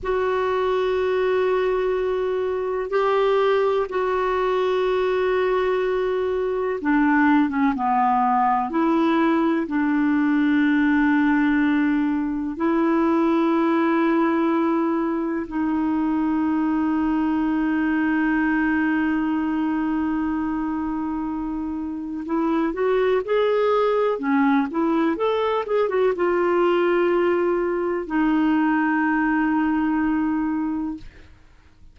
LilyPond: \new Staff \with { instrumentName = "clarinet" } { \time 4/4 \tempo 4 = 62 fis'2. g'4 | fis'2. d'8. cis'16 | b4 e'4 d'2~ | d'4 e'2. |
dis'1~ | dis'2. e'8 fis'8 | gis'4 cis'8 e'8 a'8 gis'16 fis'16 f'4~ | f'4 dis'2. | }